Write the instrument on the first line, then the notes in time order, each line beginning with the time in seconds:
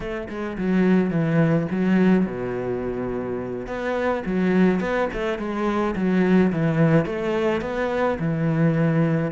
cello
0.00 A3
0.29 G#3
0.58 F#3
1.10 E3
1.71 F#3
2.26 B2
3.66 B3
4.25 F#3
4.80 B3
5.13 A3
5.38 G#3
5.95 F#3
6.52 E3
7.05 A3
7.61 B3
8.19 E3